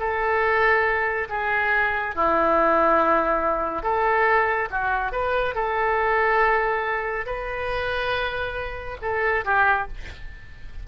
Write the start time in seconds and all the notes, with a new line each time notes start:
0.00 A4
1.30 G#4
2.15 E4
3.83 A4
4.71 F#4
5.12 B4
5.55 A4
7.27 B4
9.02 A4
9.45 G4